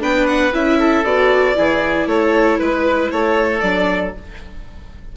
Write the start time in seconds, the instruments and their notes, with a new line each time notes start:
0.00 bassoon B3, viola D4, oboe B4, violin G5
0.27 violin F#5
0.53 bassoon C#4, viola E4, violin E5
0.80 oboe A4
1.04 bassoon B3, viola F#4, violin D5
1.55 bassoon E3, viola E4, oboe G#4
2.07 bassoon A3, oboe A4, violin C#5
2.59 bassoon G#3, oboe B4, violin B4
3.12 bassoon A3, oboe A4, violin C#5
3.61 bassoon F#3, viola D4, violin D5